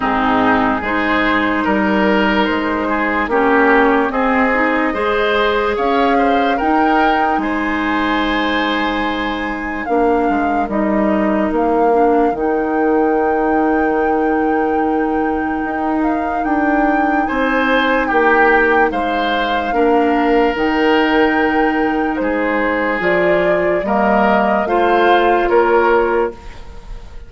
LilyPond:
<<
  \new Staff \with { instrumentName = "flute" } { \time 4/4 \tempo 4 = 73 gis'4 c''4 ais'4 c''4 | cis''4 dis''2 f''4 | g''4 gis''2. | f''4 dis''4 f''4 g''4~ |
g''2.~ g''8 f''8 | g''4 gis''4 g''4 f''4~ | f''4 g''2 c''4 | d''4 dis''4 f''4 cis''4 | }
  \new Staff \with { instrumentName = "oboe" } { \time 4/4 dis'4 gis'4 ais'4. gis'8 | g'4 gis'4 c''4 cis''8 c''8 | ais'4 c''2. | ais'1~ |
ais'1~ | ais'4 c''4 g'4 c''4 | ais'2. gis'4~ | gis'4 ais'4 c''4 ais'4 | }
  \new Staff \with { instrumentName = "clarinet" } { \time 4/4 c'4 dis'2. | cis'4 c'8 dis'8 gis'2 | dis'1 | d'4 dis'4. d'8 dis'4~ |
dis'1~ | dis'1 | d'4 dis'2. | f'4 ais4 f'2 | }
  \new Staff \with { instrumentName = "bassoon" } { \time 4/4 gis,4 gis4 g4 gis4 | ais4 c'4 gis4 cis'4 | dis'4 gis2. | ais8 gis8 g4 ais4 dis4~ |
dis2. dis'4 | d'4 c'4 ais4 gis4 | ais4 dis2 gis4 | f4 g4 a4 ais4 | }
>>